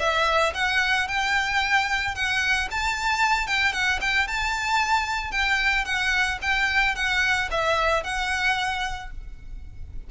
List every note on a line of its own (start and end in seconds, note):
0.00 0.54 E5
0.55 1.08 F#5
1.08 2.15 G5
2.15 2.69 F#5
2.72 3.47 A5
3.47 3.73 G5
3.73 4.00 F#5
4.02 4.28 G5
4.28 5.32 A5
5.32 5.86 G5
5.86 6.39 F#5
6.42 6.96 G5
6.96 7.50 F#5
7.51 8.04 E5
8.04 9.11 F#5